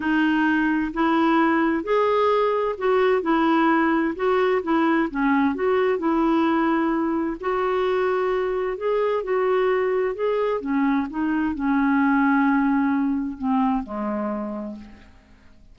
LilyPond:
\new Staff \with { instrumentName = "clarinet" } { \time 4/4 \tempo 4 = 130 dis'2 e'2 | gis'2 fis'4 e'4~ | e'4 fis'4 e'4 cis'4 | fis'4 e'2. |
fis'2. gis'4 | fis'2 gis'4 cis'4 | dis'4 cis'2.~ | cis'4 c'4 gis2 | }